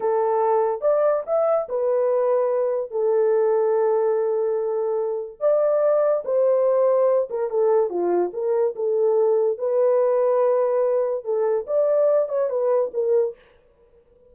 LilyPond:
\new Staff \with { instrumentName = "horn" } { \time 4/4 \tempo 4 = 144 a'2 d''4 e''4 | b'2. a'4~ | a'1~ | a'4 d''2 c''4~ |
c''4. ais'8 a'4 f'4 | ais'4 a'2 b'4~ | b'2. a'4 | d''4. cis''8 b'4 ais'4 | }